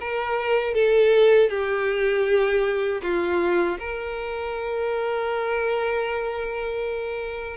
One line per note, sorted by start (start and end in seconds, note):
0.00 0.74 A#4
0.74 1.49 A4
1.49 3.01 G4
3.02 3.78 F4
3.79 7.56 A#4